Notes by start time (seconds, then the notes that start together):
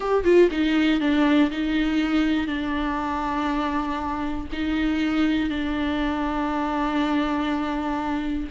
0.00 G4
0.24 F4
0.51 D#4
1.00 D4
1.50 D#4
2.47 D4
4.52 D#4
5.49 D4